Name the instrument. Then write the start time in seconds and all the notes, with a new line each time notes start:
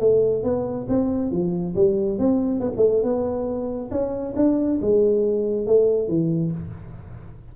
tuba
0.00 A3
0.44 B3
0.89 C4
1.32 F3
1.76 G3
2.19 C4
2.60 B3
2.77 A3
3.03 B3
3.91 C#4
4.37 D4
4.82 G#3
5.67 A3
6.08 E3